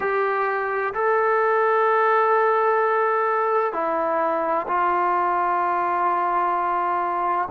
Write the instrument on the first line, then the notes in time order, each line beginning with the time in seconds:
trombone
0.00 G4
0.94 A4
3.72 E4
4.67 F4